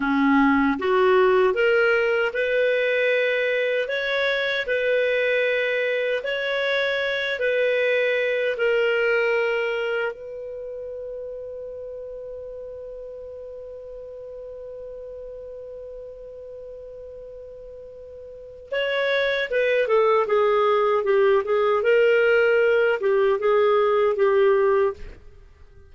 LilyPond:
\new Staff \with { instrumentName = "clarinet" } { \time 4/4 \tempo 4 = 77 cis'4 fis'4 ais'4 b'4~ | b'4 cis''4 b'2 | cis''4. b'4. ais'4~ | ais'4 b'2.~ |
b'1~ | b'1 | cis''4 b'8 a'8 gis'4 g'8 gis'8 | ais'4. g'8 gis'4 g'4 | }